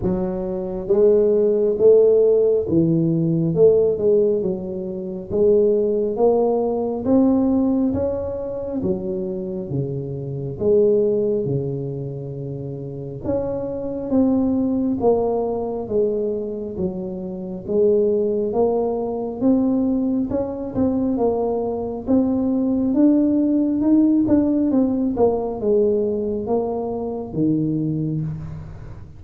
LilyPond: \new Staff \with { instrumentName = "tuba" } { \time 4/4 \tempo 4 = 68 fis4 gis4 a4 e4 | a8 gis8 fis4 gis4 ais4 | c'4 cis'4 fis4 cis4 | gis4 cis2 cis'4 |
c'4 ais4 gis4 fis4 | gis4 ais4 c'4 cis'8 c'8 | ais4 c'4 d'4 dis'8 d'8 | c'8 ais8 gis4 ais4 dis4 | }